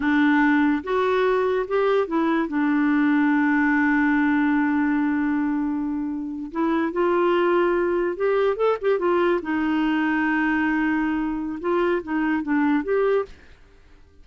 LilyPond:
\new Staff \with { instrumentName = "clarinet" } { \time 4/4 \tempo 4 = 145 d'2 fis'2 | g'4 e'4 d'2~ | d'1~ | d'2.~ d'8. e'16~ |
e'8. f'2. g'16~ | g'8. a'8 g'8 f'4 dis'4~ dis'16~ | dis'1 | f'4 dis'4 d'4 g'4 | }